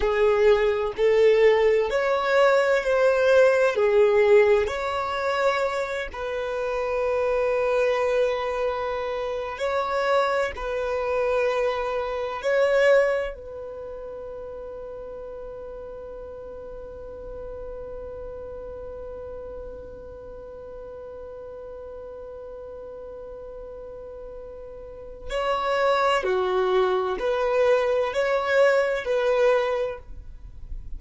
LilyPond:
\new Staff \with { instrumentName = "violin" } { \time 4/4 \tempo 4 = 64 gis'4 a'4 cis''4 c''4 | gis'4 cis''4. b'4.~ | b'2~ b'16 cis''4 b'8.~ | b'4~ b'16 cis''4 b'4.~ b'16~ |
b'1~ | b'1~ | b'2. cis''4 | fis'4 b'4 cis''4 b'4 | }